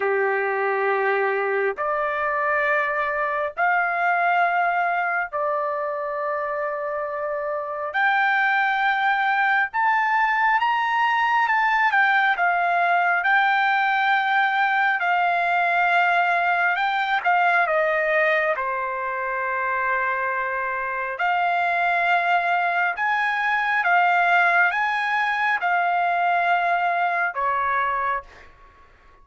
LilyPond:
\new Staff \with { instrumentName = "trumpet" } { \time 4/4 \tempo 4 = 68 g'2 d''2 | f''2 d''2~ | d''4 g''2 a''4 | ais''4 a''8 g''8 f''4 g''4~ |
g''4 f''2 g''8 f''8 | dis''4 c''2. | f''2 gis''4 f''4 | gis''4 f''2 cis''4 | }